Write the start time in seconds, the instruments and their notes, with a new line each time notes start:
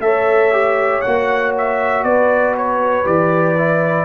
0.00 tuba A3, trombone A4, horn C#5, trumpet E5
0.52 trombone G4
1.01 tuba A#3, trombone F#4, trumpet F#5
1.58 trumpet E5
2.04 tuba B3, horn B4, trumpet D5
2.57 trumpet C#5
3.05 tuba E3, trombone G4, trumpet D5
3.58 trombone E4